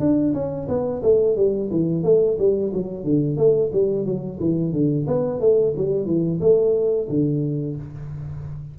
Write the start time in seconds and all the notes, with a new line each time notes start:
0.00 D4
0.34 C#4
0.68 B3
1.03 A3
1.36 G3
1.71 E3
2.04 A3
2.39 G3
2.73 F#3
3.04 D3
3.37 A3
3.73 G3
4.05 F#3
4.40 E3
4.73 D3
5.07 B3
5.40 A3
5.77 G3
6.06 E3
6.41 A3
7.09 D3